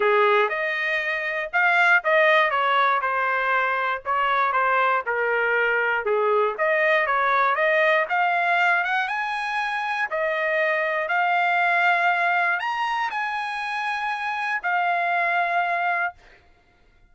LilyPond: \new Staff \with { instrumentName = "trumpet" } { \time 4/4 \tempo 4 = 119 gis'4 dis''2 f''4 | dis''4 cis''4 c''2 | cis''4 c''4 ais'2 | gis'4 dis''4 cis''4 dis''4 |
f''4. fis''8 gis''2 | dis''2 f''2~ | f''4 ais''4 gis''2~ | gis''4 f''2. | }